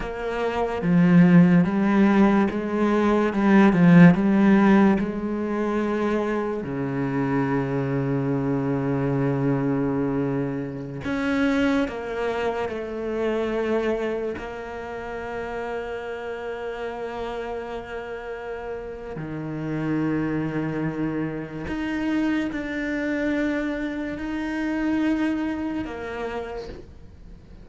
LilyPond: \new Staff \with { instrumentName = "cello" } { \time 4/4 \tempo 4 = 72 ais4 f4 g4 gis4 | g8 f8 g4 gis2 | cis1~ | cis4~ cis16 cis'4 ais4 a8.~ |
a4~ a16 ais2~ ais8.~ | ais2. dis4~ | dis2 dis'4 d'4~ | d'4 dis'2 ais4 | }